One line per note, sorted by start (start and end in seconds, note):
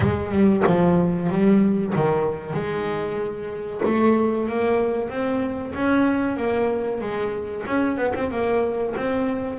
0.00 0.31 G#3
0.31 0.63 G3
0.66 1.29 F3
1.29 1.93 G3
1.95 2.53 D#3
2.53 3.81 G#3
3.84 4.48 A3
4.49 5.09 A#3
5.09 5.73 C4
5.74 6.37 C#4
6.37 7.00 A#3
7.01 7.65 G#3
7.66 7.97 C#4
7.97 8.13 B3
8.14 8.30 C4
8.30 8.94 A#3
8.96 9.59 C4